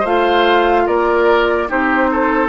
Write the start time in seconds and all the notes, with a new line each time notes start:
0.00 A3 F4 C5 F5
0.86 A#3 A#4 D5
1.67 C4 D#4 G4 C5
2.11 A4